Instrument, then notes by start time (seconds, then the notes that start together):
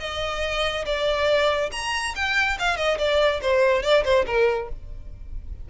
violin
0.00 D#5
0.85 D5
1.72 A#5
2.15 G5
2.59 F5
2.77 D#5
2.98 D5
3.42 C5
3.83 D5
4.04 C5
4.26 A#4